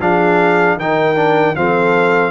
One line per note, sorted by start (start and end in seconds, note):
0.00 0.76 F3
0.00 0.79 D4
0.00 0.78 G#4
0.00 0.79 F5
0.76 1.54 D#3
0.76 1.16 D#4
0.76 1.57 A#4
0.76 1.55 G5
1.16 1.55 D4
1.55 2.30 F3
1.55 2.30 C4
1.55 2.30 A4
1.55 2.30 F5